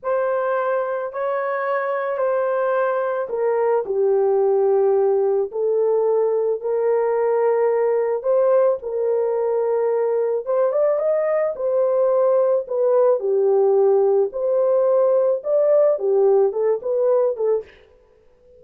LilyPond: \new Staff \with { instrumentName = "horn" } { \time 4/4 \tempo 4 = 109 c''2 cis''2 | c''2 ais'4 g'4~ | g'2 a'2 | ais'2. c''4 |
ais'2. c''8 d''8 | dis''4 c''2 b'4 | g'2 c''2 | d''4 g'4 a'8 b'4 a'8 | }